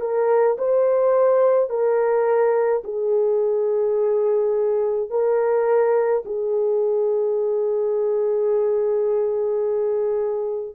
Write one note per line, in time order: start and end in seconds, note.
0.00 0.57 A#4
0.58 1.69 C5
1.69 2.83 A#4
2.84 5.09 G#4
5.09 6.23 A#4
6.25 10.75 G#4